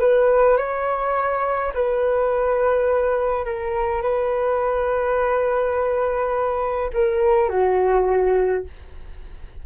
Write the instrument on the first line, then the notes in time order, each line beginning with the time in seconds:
flute
0.00 B4
0.57 C#5
1.74 B4
3.46 A#4
4.02 B4
6.93 A#4
7.49 F#4